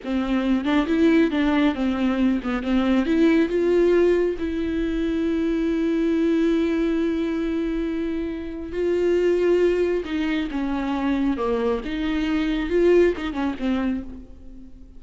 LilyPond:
\new Staff \with { instrumentName = "viola" } { \time 4/4 \tempo 4 = 137 c'4. d'8 e'4 d'4 | c'4. b8 c'4 e'4 | f'2 e'2~ | e'1~ |
e'1 | f'2. dis'4 | cis'2 ais4 dis'4~ | dis'4 f'4 dis'8 cis'8 c'4 | }